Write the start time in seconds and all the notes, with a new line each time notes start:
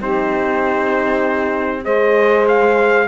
0.00 C4 D#4 G4 C5
1.83 G#3 G#4 C5 D#5
2.47 F5